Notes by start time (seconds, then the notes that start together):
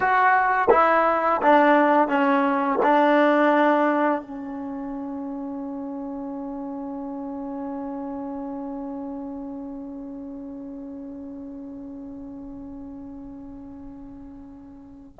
0.00 F#4
0.70 E4
1.42 D4
2.08 C#4
2.82 D4
4.21 C#4